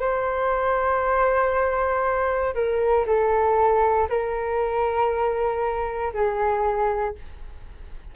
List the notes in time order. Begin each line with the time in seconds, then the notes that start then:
0.00 C5
2.55 A#4
3.07 A4
4.09 A#4
6.13 G#4